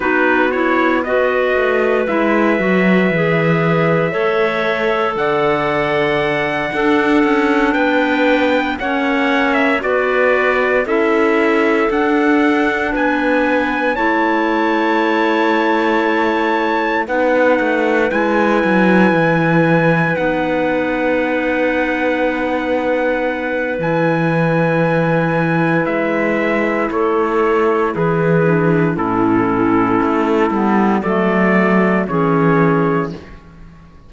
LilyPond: <<
  \new Staff \with { instrumentName = "trumpet" } { \time 4/4 \tempo 4 = 58 b'8 cis''8 dis''4 e''2~ | e''4 fis''2~ fis''8 g''8~ | g''8 fis''8. e''16 d''4 e''4 fis''8~ | fis''8 gis''4 a''2~ a''8~ |
a''8 fis''4 gis''2 fis''8~ | fis''2. gis''4~ | gis''4 e''4 cis''4 b'4 | a'2 d''4 cis''4 | }
  \new Staff \with { instrumentName = "clarinet" } { \time 4/4 fis'4 b'2. | cis''4 d''4. a'4 b'8~ | b'8 cis''4 b'4 a'4.~ | a'8 b'4 cis''2~ cis''8~ |
cis''8 b'2.~ b'8~ | b'1~ | b'2 a'4 gis'4 | e'2 a'4 gis'4 | }
  \new Staff \with { instrumentName = "clarinet" } { \time 4/4 dis'8 e'8 fis'4 e'8 fis'8 gis'4 | a'2~ a'8 d'4.~ | d'8 cis'4 fis'4 e'4 d'8~ | d'4. e'2~ e'8~ |
e'8 dis'4 e'2 dis'8~ | dis'2. e'4~ | e'2.~ e'8 d'8 | cis'4. b8 a4 cis'4 | }
  \new Staff \with { instrumentName = "cello" } { \time 4/4 b4. a8 gis8 fis8 e4 | a4 d4. d'8 cis'8 b8~ | b8 ais4 b4 cis'4 d'8~ | d'8 b4 a2~ a8~ |
a8 b8 a8 gis8 fis8 e4 b8~ | b2. e4~ | e4 gis4 a4 e4 | a,4 a8 g8 fis4 e4 | }
>>